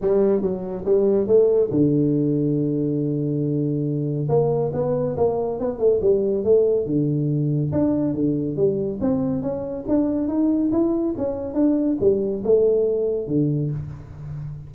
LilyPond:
\new Staff \with { instrumentName = "tuba" } { \time 4/4 \tempo 4 = 140 g4 fis4 g4 a4 | d1~ | d2 ais4 b4 | ais4 b8 a8 g4 a4 |
d2 d'4 d4 | g4 c'4 cis'4 d'4 | dis'4 e'4 cis'4 d'4 | g4 a2 d4 | }